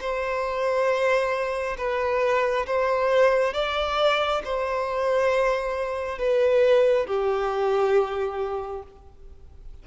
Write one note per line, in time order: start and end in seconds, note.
0.00 1.76 C5
1.77 2.66 B4
2.66 3.53 C5
3.53 4.42 D5
4.44 6.18 C5
6.18 7.06 B4
7.06 8.82 G4